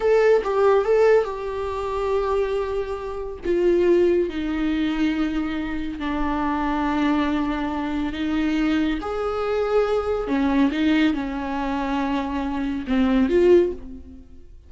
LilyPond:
\new Staff \with { instrumentName = "viola" } { \time 4/4 \tempo 4 = 140 a'4 g'4 a'4 g'4~ | g'1 | f'2 dis'2~ | dis'2 d'2~ |
d'2. dis'4~ | dis'4 gis'2. | cis'4 dis'4 cis'2~ | cis'2 c'4 f'4 | }